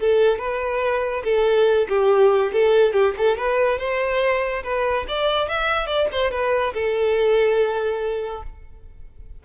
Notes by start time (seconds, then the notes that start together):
0.00 A4
0.39 B4
1.25 A4
1.89 G4
2.53 A4
2.93 G4
3.18 A4
3.38 B4
3.79 C5
4.64 B4
5.08 D5
5.49 E5
5.87 D5
6.12 C5
6.31 B4
6.74 A4